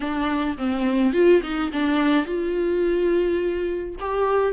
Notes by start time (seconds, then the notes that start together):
0.00 D4
0.57 C4
1.13 F4
1.42 D#4
1.72 D4
2.25 F4
3.99 G4